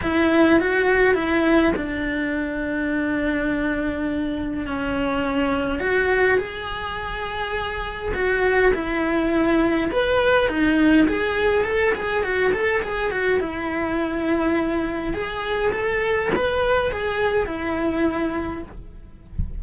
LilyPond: \new Staff \with { instrumentName = "cello" } { \time 4/4 \tempo 4 = 103 e'4 fis'4 e'4 d'4~ | d'1 | cis'2 fis'4 gis'4~ | gis'2 fis'4 e'4~ |
e'4 b'4 dis'4 gis'4 | a'8 gis'8 fis'8 a'8 gis'8 fis'8 e'4~ | e'2 gis'4 a'4 | b'4 gis'4 e'2 | }